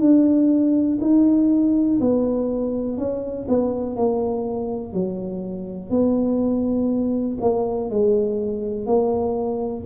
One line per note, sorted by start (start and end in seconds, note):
0.00 0.98 D4
1.01 1.99 D#4
2.00 2.97 B3
2.97 3.46 C#4
3.48 3.96 B3
3.96 4.93 A#3
4.93 5.90 F#3
5.90 7.38 B3
7.41 7.90 A#3
7.90 8.86 G#3
8.86 9.85 A#3